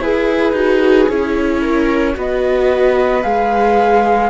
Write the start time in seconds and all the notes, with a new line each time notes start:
0.00 E4 G#4 B4
0.53 D#4 F#4
1.09 C#4 E4 C#5
1.62 A#4
2.15 B3 F#4 B4 D#5
3.23 G#3 G#4 F5